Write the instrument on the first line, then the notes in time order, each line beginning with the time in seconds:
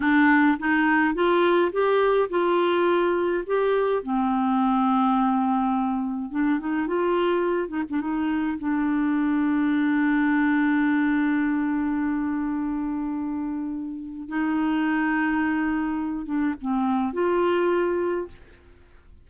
clarinet
0.00 D4
0.59 D#4
1.14 F4
1.72 G4
2.29 F4
3.46 G4
4.02 C4
6.31 D4
6.59 D#4
6.87 F4
7.68 D#4
7.89 D4
8.00 D#4
8.58 D4
14.28 D#4
16.25 D4
16.61 C4
17.13 F4